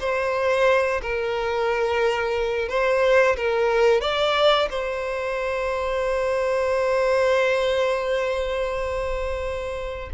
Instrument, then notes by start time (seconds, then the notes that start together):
violin
0.00 C5
1.02 A#4
2.69 C5
3.37 A#4
4.01 D5
4.70 C5